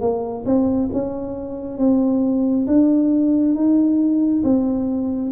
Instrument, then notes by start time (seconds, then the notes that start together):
tuba
0.00 A#3
0.45 C4
0.92 C#4
1.78 C4
2.66 D4
3.55 D#4
4.43 C4